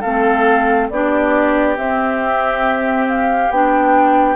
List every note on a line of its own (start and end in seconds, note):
0.00 0.90 A3
0.00 0.91 C4
0.00 0.87 A4
0.00 0.89 F5
0.89 1.77 B3
0.89 1.76 D4
0.89 4.36 G4
0.89 1.76 D5
1.76 3.50 C4
1.76 3.07 E5
3.08 3.51 F5
3.50 4.36 B3
3.50 4.36 D4
3.50 4.36 G5